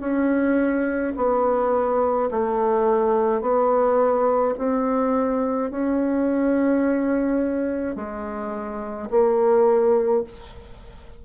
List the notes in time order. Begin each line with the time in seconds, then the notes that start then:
0.00 C#4
1.16 B3
2.31 A3
3.41 B3
4.58 C4
5.71 C#4
7.96 G#3
9.10 A#3